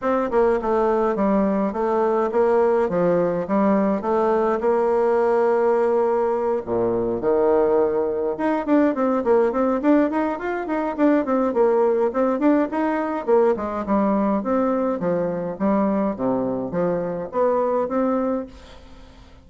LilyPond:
\new Staff \with { instrumentName = "bassoon" } { \time 4/4 \tempo 4 = 104 c'8 ais8 a4 g4 a4 | ais4 f4 g4 a4 | ais2.~ ais8 ais,8~ | ais,8 dis2 dis'8 d'8 c'8 |
ais8 c'8 d'8 dis'8 f'8 dis'8 d'8 c'8 | ais4 c'8 d'8 dis'4 ais8 gis8 | g4 c'4 f4 g4 | c4 f4 b4 c'4 | }